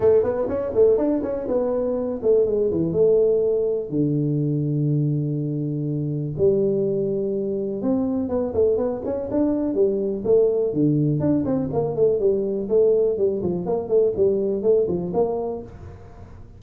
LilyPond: \new Staff \with { instrumentName = "tuba" } { \time 4/4 \tempo 4 = 123 a8 b8 cis'8 a8 d'8 cis'8 b4~ | b8 a8 gis8 e8 a2 | d1~ | d4 g2. |
c'4 b8 a8 b8 cis'8 d'4 | g4 a4 d4 d'8 c'8 | ais8 a8 g4 a4 g8 f8 | ais8 a8 g4 a8 f8 ais4 | }